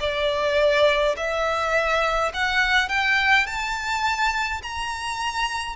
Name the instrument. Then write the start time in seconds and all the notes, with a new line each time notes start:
violin
0.00 D5
1.16 E5
2.33 F#5
2.88 G5
3.46 A5
4.62 A#5